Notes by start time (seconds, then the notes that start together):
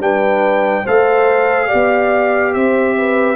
0.00 G3 D4 B4 G5
0.84 A3 A4 C5 F5
1.67 G4 D5
1.74 B3
2.54 C4 C5 E5
2.98 B4